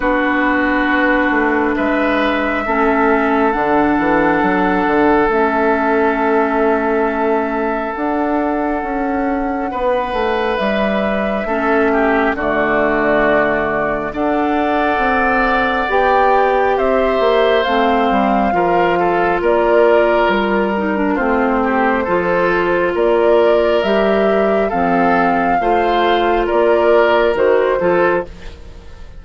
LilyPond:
<<
  \new Staff \with { instrumentName = "flute" } { \time 4/4 \tempo 4 = 68 b'2 e''2 | fis''2 e''2~ | e''4 fis''2. | e''2 d''2 |
fis''2 g''4 e''4 | f''2 d''4 ais'4 | c''2 d''4 e''4 | f''2 d''4 c''4 | }
  \new Staff \with { instrumentName = "oboe" } { \time 4/4 fis'2 b'4 a'4~ | a'1~ | a'2. b'4~ | b'4 a'8 g'8 fis'2 |
d''2. c''4~ | c''4 ais'8 a'8 ais'2 | f'8 g'8 a'4 ais'2 | a'4 c''4 ais'4. a'8 | }
  \new Staff \with { instrumentName = "clarinet" } { \time 4/4 d'2. cis'4 | d'2 cis'2~ | cis'4 d'2.~ | d'4 cis'4 a2 |
a'2 g'2 | c'4 f'2~ f'8 dis'16 d'16 | c'4 f'2 g'4 | c'4 f'2 fis'8 f'8 | }
  \new Staff \with { instrumentName = "bassoon" } { \time 4/4 b4. a8 gis4 a4 | d8 e8 fis8 d8 a2~ | a4 d'4 cis'4 b8 a8 | g4 a4 d2 |
d'4 c'4 b4 c'8 ais8 | a8 g8 f4 ais4 g4 | a4 f4 ais4 g4 | f4 a4 ais4 dis8 f8 | }
>>